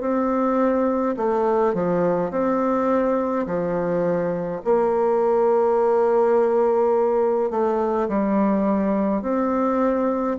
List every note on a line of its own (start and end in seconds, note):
0.00 1.15 C4
1.16 1.74 A3
1.74 2.30 F3
2.30 3.46 C4
3.46 4.62 F3
4.64 7.50 A#3
7.50 8.08 A3
8.08 9.22 G3
9.22 10.37 C4